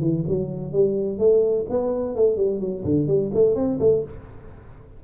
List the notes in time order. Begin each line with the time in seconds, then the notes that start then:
0.00 E3
0.28 F#3
0.72 G3
1.19 A3
1.69 B3
2.16 A3
2.36 G3
2.60 F#3
2.85 D3
3.07 G3
3.34 A3
3.55 C4
3.80 A3